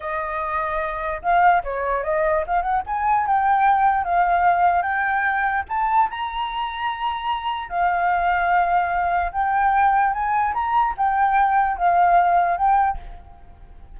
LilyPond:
\new Staff \with { instrumentName = "flute" } { \time 4/4 \tempo 4 = 148 dis''2. f''4 | cis''4 dis''4 f''8 fis''8 gis''4 | g''2 f''2 | g''2 a''4 ais''4~ |
ais''2. f''4~ | f''2. g''4~ | g''4 gis''4 ais''4 g''4~ | g''4 f''2 g''4 | }